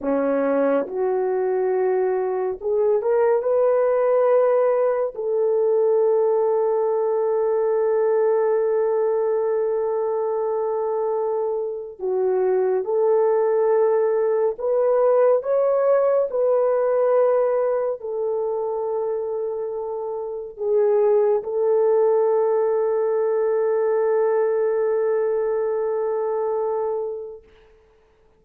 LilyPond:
\new Staff \with { instrumentName = "horn" } { \time 4/4 \tempo 4 = 70 cis'4 fis'2 gis'8 ais'8 | b'2 a'2~ | a'1~ | a'2 fis'4 a'4~ |
a'4 b'4 cis''4 b'4~ | b'4 a'2. | gis'4 a'2.~ | a'1 | }